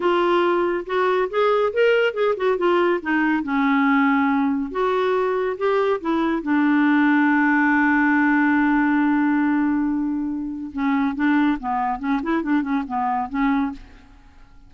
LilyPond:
\new Staff \with { instrumentName = "clarinet" } { \time 4/4 \tempo 4 = 140 f'2 fis'4 gis'4 | ais'4 gis'8 fis'8 f'4 dis'4 | cis'2. fis'4~ | fis'4 g'4 e'4 d'4~ |
d'1~ | d'1~ | d'4 cis'4 d'4 b4 | cis'8 e'8 d'8 cis'8 b4 cis'4 | }